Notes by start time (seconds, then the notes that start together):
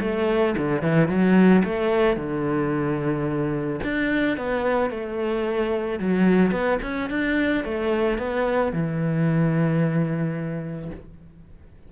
0.00 A3
0.57 D3
0.81 E3
1.08 F#3
1.64 A3
2.16 D3
3.83 D4
4.37 B3
4.90 A3
5.99 F#3
6.51 B3
6.82 C#4
7.09 D4
7.64 A3
8.18 B3
8.72 E3